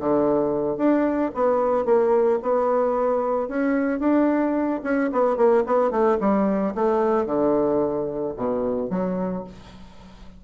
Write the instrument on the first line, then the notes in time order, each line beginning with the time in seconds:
bassoon
0.00 D3
0.78 D4
1.35 B3
1.86 A#3
2.43 B3
3.49 C#4
4.00 D4
4.84 C#4
5.13 B3
5.37 A#3
5.67 B3
5.91 A3
6.21 G3
6.75 A3
7.26 D3
8.37 B2
8.90 F#3